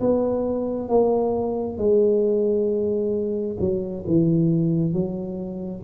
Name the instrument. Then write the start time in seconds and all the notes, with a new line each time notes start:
tuba
0.00 B3
0.88 A#3
1.77 G#3
3.60 F#3
4.07 E3
4.93 F#3